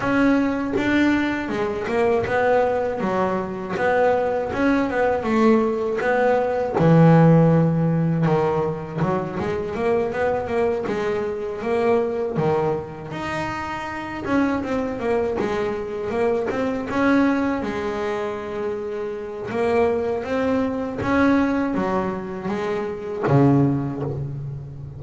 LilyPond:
\new Staff \with { instrumentName = "double bass" } { \time 4/4 \tempo 4 = 80 cis'4 d'4 gis8 ais8 b4 | fis4 b4 cis'8 b8 a4 | b4 e2 dis4 | fis8 gis8 ais8 b8 ais8 gis4 ais8~ |
ais8 dis4 dis'4. cis'8 c'8 | ais8 gis4 ais8 c'8 cis'4 gis8~ | gis2 ais4 c'4 | cis'4 fis4 gis4 cis4 | }